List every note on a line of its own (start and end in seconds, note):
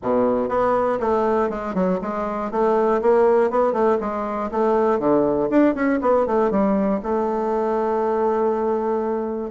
0.02 0.48 B2
0.48 0.98 B3
1.00 1.49 A3
1.49 1.74 G#3
1.74 1.99 F#3
2.01 2.51 G#3
2.51 3.01 A3
3.01 3.50 A#3
3.50 3.72 B3
3.72 3.97 A3
4.00 4.50 G#3
4.51 4.99 A3
4.99 5.49 D3
5.50 5.74 D4
5.74 5.99 C#4
6.01 6.26 B3
6.26 6.50 A3
6.50 7.00 G3
7.02 9.50 A3